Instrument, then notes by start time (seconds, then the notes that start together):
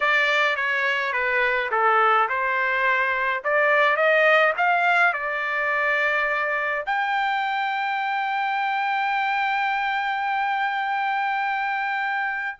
trumpet
0.00 D5
0.56 C#5
1.12 B4
1.71 A4
2.29 C5
3.44 D5
3.96 D#5
4.57 F5
5.13 D5
6.86 G5